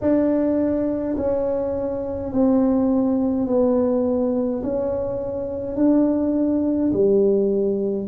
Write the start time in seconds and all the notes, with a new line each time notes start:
0.01 D4
1.17 C#4
2.32 C4
3.47 B3
4.63 C#4
5.76 D4
6.92 G3